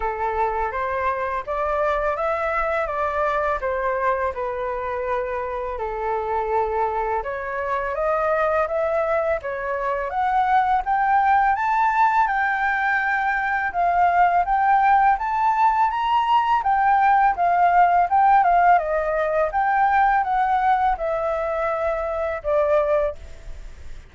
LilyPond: \new Staff \with { instrumentName = "flute" } { \time 4/4 \tempo 4 = 83 a'4 c''4 d''4 e''4 | d''4 c''4 b'2 | a'2 cis''4 dis''4 | e''4 cis''4 fis''4 g''4 |
a''4 g''2 f''4 | g''4 a''4 ais''4 g''4 | f''4 g''8 f''8 dis''4 g''4 | fis''4 e''2 d''4 | }